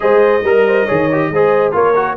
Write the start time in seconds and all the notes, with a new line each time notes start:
0.00 G#3 G#4 C5 D#5
0.43 G3 A#4
0.67 C5
0.85 D#3 G#4 C#5
1.11 G4
1.29 G#3 G#4 C5
1.72 A#3 F4 A#4 C#5
1.95 F#4